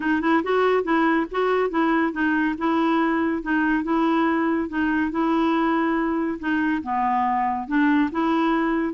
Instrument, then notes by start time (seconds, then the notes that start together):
clarinet
0.00 D#4
0.21 E4
0.43 F#4
0.83 E4
1.31 F#4
1.70 E4
2.12 D#4
2.57 E4
3.42 D#4
3.83 E4
4.68 D#4
5.11 E4
6.39 D#4
6.82 B3
7.67 D4
8.11 E4